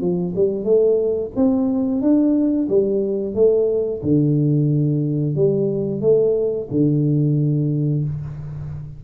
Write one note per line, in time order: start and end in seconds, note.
0.00 0.33 F3
0.35 0.64 G3
0.64 1.30 A3
1.35 2.01 C4
2.01 2.68 D4
2.68 3.34 G3
3.34 4.01 A3
4.02 5.35 D3
5.35 6.01 G3
6.01 6.67 A3
6.70 8.04 D3